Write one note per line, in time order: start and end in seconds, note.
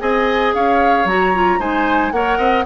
0.00 0.54 C4
0.00 1.06 G#4
0.00 0.55 D#5
0.00 0.54 G#5
0.54 1.05 C#4
0.54 1.60 C#5
0.54 1.08 F5
1.05 1.58 F#3
1.05 1.34 F#4
1.05 1.61 A#5
1.34 1.60 F4
1.59 2.12 G#3
1.59 2.13 D#4
1.59 2.13 C5
1.59 2.12 G#5
2.12 2.39 A#3
2.12 2.66 A#4
2.12 2.38 C#5
2.12 2.65 F#5
2.38 2.65 C4
2.38 2.64 D#5